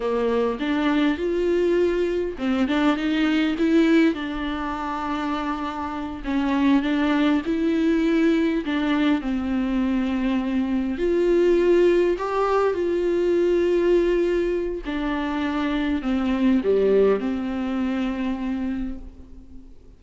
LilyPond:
\new Staff \with { instrumentName = "viola" } { \time 4/4 \tempo 4 = 101 ais4 d'4 f'2 | c'8 d'8 dis'4 e'4 d'4~ | d'2~ d'8 cis'4 d'8~ | d'8 e'2 d'4 c'8~ |
c'2~ c'8 f'4.~ | f'8 g'4 f'2~ f'8~ | f'4 d'2 c'4 | g4 c'2. | }